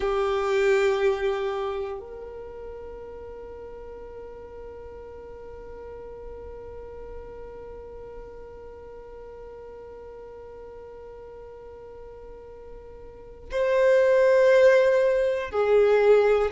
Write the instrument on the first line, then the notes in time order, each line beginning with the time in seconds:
violin
0.00 G4
2.00 A#4
13.50 C5
15.50 G#4